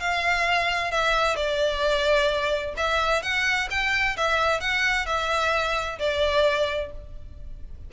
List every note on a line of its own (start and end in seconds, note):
0.00 0.91 F5
0.91 1.36 E5
1.36 2.75 D5
2.77 3.22 E5
3.22 3.68 F#5
3.70 4.16 G5
4.17 4.60 E5
4.60 5.06 F#5
5.06 5.98 E5
5.99 6.91 D5